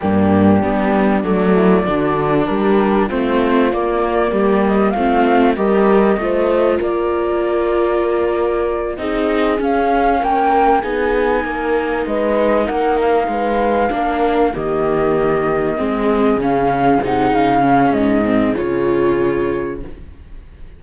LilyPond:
<<
  \new Staff \with { instrumentName = "flute" } { \time 4/4 \tempo 4 = 97 g'2 d''2 | ais'4 c''4 d''4. dis''8 | f''4 dis''2 d''4~ | d''2~ d''8 dis''4 f''8~ |
f''8 g''4 gis''2 dis''8~ | dis''8 fis''8 f''2~ f''8 dis''8~ | dis''2~ dis''8 f''4 fis''8 | f''4 dis''4 cis''2 | }
  \new Staff \with { instrumentName = "horn" } { \time 4/4 d'2~ d'8 e'8 fis'4 | g'4 f'2 g'4 | f'4 ais'4 c''4 ais'4~ | ais'2~ ais'8 gis'4.~ |
gis'8 ais'4 gis'4 ais'4 b'8~ | b'8 ais'4 b'4 ais'4 g'8~ | g'4. gis'2~ gis'8~ | gis'1 | }
  \new Staff \with { instrumentName = "viola" } { \time 4/4 ais4 b4 a4 d'4~ | d'4 c'4 ais2 | c'4 g'4 f'2~ | f'2~ f'8 dis'4 cis'8~ |
cis'4. dis'2~ dis'8~ | dis'2~ dis'8 d'4 ais8~ | ais4. c'4 cis'4 dis'8~ | dis'8 cis'4 c'8 f'2 | }
  \new Staff \with { instrumentName = "cello" } { \time 4/4 g,4 g4 fis4 d4 | g4 a4 ais4 g4 | a4 g4 a4 ais4~ | ais2~ ais8 c'4 cis'8~ |
cis'8 ais4 b4 ais4 gis8~ | gis8 ais4 gis4 ais4 dis8~ | dis4. gis4 cis4 c8 | cis4 gis,4 cis2 | }
>>